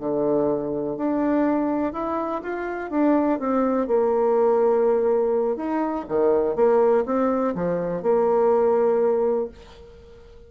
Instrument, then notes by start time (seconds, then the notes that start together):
bassoon
0.00 D3
0.97 D4
1.93 E4
2.43 F4
2.90 D4
3.39 C4
3.88 A#3
5.57 D#4
6.08 D#3
6.56 A#3
7.06 C4
7.55 F3
8.03 A#3